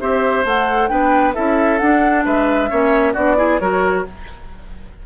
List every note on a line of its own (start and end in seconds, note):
0.00 0.44 C4
0.00 0.44 G4
0.00 0.90 C5
0.00 0.45 E5
0.44 0.90 A3
0.44 0.89 A4
0.44 0.88 F#5
0.88 1.36 B3
0.88 1.34 D4
0.88 1.34 B4
0.88 1.33 G5
1.34 1.81 C#4
1.34 1.80 E4
1.34 2.25 A4
1.34 1.78 E5
1.78 2.70 D4
1.78 2.26 D4
1.78 2.24 F#5
2.25 2.71 G#3
2.25 2.70 B4
2.25 3.14 E5
2.70 3.16 A#3
2.70 3.15 C#4
2.70 3.13 C#5
3.13 3.60 B3
3.13 3.36 D4
3.13 3.36 F#4
3.13 3.59 D5
3.36 3.59 E4
3.36 3.61 G#4
3.59 4.05 F#3
3.59 4.05 F#4
3.59 4.06 A#4
3.59 4.04 C#5